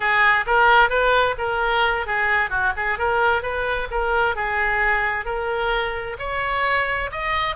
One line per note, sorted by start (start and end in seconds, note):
0.00 0.45 G#4
0.46 0.89 A#4
0.89 1.35 B4
1.38 2.06 A#4
2.06 2.49 G#4
2.49 2.72 F#4
2.76 2.98 G#4
2.98 3.42 A#4
3.42 3.88 B4
3.90 4.35 A#4
4.35 5.25 G#4
5.25 6.16 A#4
6.18 7.10 C#5
7.11 7.56 D#5